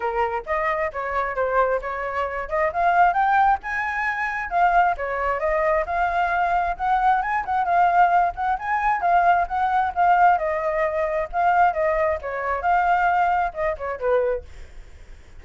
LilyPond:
\new Staff \with { instrumentName = "flute" } { \time 4/4 \tempo 4 = 133 ais'4 dis''4 cis''4 c''4 | cis''4. dis''8 f''4 g''4 | gis''2 f''4 cis''4 | dis''4 f''2 fis''4 |
gis''8 fis''8 f''4. fis''8 gis''4 | f''4 fis''4 f''4 dis''4~ | dis''4 f''4 dis''4 cis''4 | f''2 dis''8 cis''8 b'4 | }